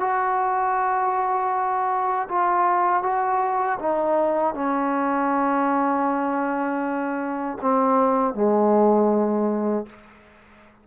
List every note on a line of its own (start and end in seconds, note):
0.00 2.28 F#4
2.29 3.02 F4
3.02 3.78 F#4
3.79 4.54 D#4
4.54 7.58 C#4
7.61 8.34 C4
8.34 9.86 G#3